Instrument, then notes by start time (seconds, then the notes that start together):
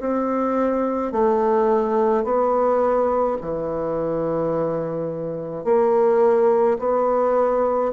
bassoon
0.00 C4
1.12 A3
2.24 B3
3.41 E3
5.64 A#3
6.79 B3